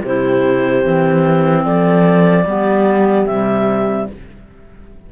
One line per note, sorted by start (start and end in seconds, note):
0.00 0.84 C3
0.00 0.82 E4
0.00 1.62 G4
0.00 1.65 C5
0.82 1.65 E3
0.82 2.45 C4
1.63 2.44 F3
1.63 2.44 A4
1.63 3.26 D5
2.44 3.26 G3
2.44 3.27 B3
2.44 4.10 G4
3.26 4.07 C3
3.26 4.12 G3
3.26 4.07 E5